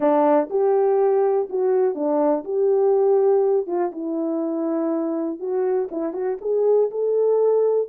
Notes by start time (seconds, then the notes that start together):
0.00 D4
0.50 G4
1.49 F#4
1.94 D4
2.44 G4
3.66 F4
3.91 E4
5.39 F#4
5.91 E4
6.13 F#4
6.41 G#4
6.90 A4